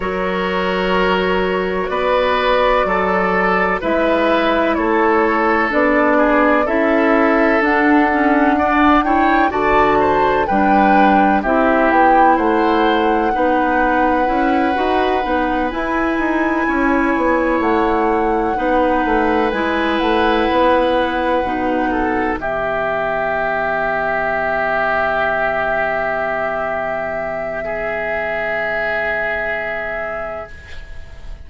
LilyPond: <<
  \new Staff \with { instrumentName = "flute" } { \time 4/4 \tempo 4 = 63 cis''2 d''2 | e''4 cis''4 d''4 e''4 | fis''4. g''8 a''4 g''4 | e''8 g''8 fis''2.~ |
fis''8 gis''2 fis''4.~ | fis''8 gis''8 fis''2~ fis''8 e''8~ | e''1~ | e''1 | }
  \new Staff \with { instrumentName = "oboe" } { \time 4/4 ais'2 b'4 a'4 | b'4 a'4. gis'8 a'4~ | a'4 d''8 cis''8 d''8 c''8 b'4 | g'4 c''4 b'2~ |
b'4. cis''2 b'8~ | b'2. a'8 g'8~ | g'1~ | g'4 gis'2. | }
  \new Staff \with { instrumentName = "clarinet" } { \time 4/4 fis'1 | e'2 d'4 e'4 | d'8 cis'8 d'8 e'8 fis'4 d'4 | e'2 dis'4 e'8 fis'8 |
dis'8 e'2. dis'8~ | dis'8 e'2 dis'4 b8~ | b1~ | b1 | }
  \new Staff \with { instrumentName = "bassoon" } { \time 4/4 fis2 b4 fis4 | gis4 a4 b4 cis'4 | d'2 d4 g4 | c'8 b8 a4 b4 cis'8 dis'8 |
b8 e'8 dis'8 cis'8 b8 a4 b8 | a8 gis8 a8 b4 b,4 e8~ | e1~ | e1 | }
>>